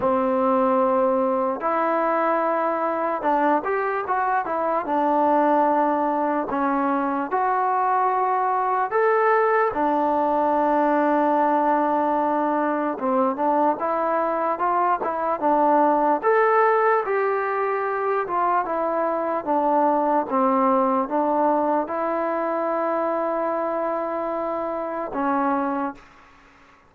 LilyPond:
\new Staff \with { instrumentName = "trombone" } { \time 4/4 \tempo 4 = 74 c'2 e'2 | d'8 g'8 fis'8 e'8 d'2 | cis'4 fis'2 a'4 | d'1 |
c'8 d'8 e'4 f'8 e'8 d'4 | a'4 g'4. f'8 e'4 | d'4 c'4 d'4 e'4~ | e'2. cis'4 | }